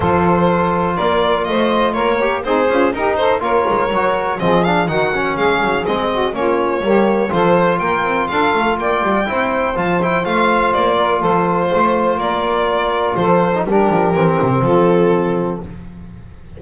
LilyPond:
<<
  \new Staff \with { instrumentName = "violin" } { \time 4/4 \tempo 4 = 123 c''2 d''4 dis''4 | cis''4 c''4 ais'8 c''8 cis''4~ | cis''4 dis''8 f''8 fis''4 f''4 | dis''4 cis''2 c''4 |
g''4 f''4 g''2 | a''8 g''8 f''4 d''4 c''4~ | c''4 d''2 c''4 | ais'2 a'2 | }
  \new Staff \with { instrumentName = "saxophone" } { \time 4/4 a'2 ais'4 c''4 | ais'4 dis'8 f'8 g'8 a'8 ais'4~ | ais'4 gis'4 fis'4 gis'4~ | gis'8 fis'8 f'4 g'4 a'4 |
ais'4 a'4 d''4 c''4~ | c''2~ c''8 ais'8 a'4 | c''4 ais'2 a'4 | g'2 f'2 | }
  \new Staff \with { instrumentName = "trombone" } { \time 4/4 f'1~ | f'8 g'8 gis'4 dis'4 f'4 | fis'4 c'8 d'8 dis'8 cis'4. | c'4 cis'4 ais4 f'4~ |
f'2. e'4 | f'8 e'8 f'2.~ | f'2.~ f'8. dis'16 | d'4 c'2. | }
  \new Staff \with { instrumentName = "double bass" } { \time 4/4 f2 ais4 a4 | ais4 c'8 cis'8 dis'4 ais8 gis8 | fis4 f4 dis4 gis8 fis8 | gis4 ais4 g4 f4 |
ais8 c'8 d'8 a8 ais8 g8 c'4 | f4 a4 ais4 f4 | a4 ais2 f4 | g8 f8 e8 c8 f2 | }
>>